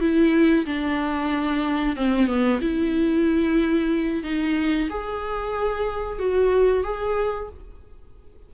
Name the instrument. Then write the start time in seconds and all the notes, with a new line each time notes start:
viola
0.00 E4
0.65 D4
1.96 C4
2.26 B3
2.61 E4
4.23 D#4
4.89 G#4
6.18 F#4
6.83 G#4